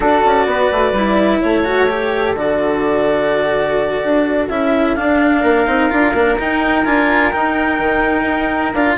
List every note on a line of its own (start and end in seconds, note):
0.00 0.24 D4
0.00 0.94 F#4
0.00 0.47 A4
0.00 1.41 D5
0.25 0.46 C#4
0.46 0.69 B3
0.46 1.41 B4
0.72 0.92 A3
0.92 1.39 G3
0.92 1.64 E4
1.41 2.34 A3
1.41 5.40 A4
1.41 2.35 C#5
1.64 1.87 F#4
1.89 2.36 G4
2.34 4.00 D3
2.34 4.49 F#4
2.34 4.49 D5
4.04 4.49 D4
4.49 4.96 C#4
4.49 4.96 E4
4.49 4.94 E5
4.94 5.66 D4
4.94 5.43 D4
4.94 6.36 F5
5.40 5.66 A#3
5.40 8.95 A#4
5.66 5.90 C4
5.66 5.90 D#4
5.90 6.13 D4
5.90 6.13 F4
6.13 6.37 A#3
6.13 6.37 D4
6.38 6.85 D#4
6.38 6.84 G5
6.84 7.32 D4
6.84 7.32 F4
6.84 7.31 G#5
7.31 8.74 D#4
7.31 7.78 D#4
7.31 8.73 G5
7.78 8.23 D#3
8.23 8.70 D#4
8.74 8.97 D4
8.74 8.98 F4
8.74 8.97 F5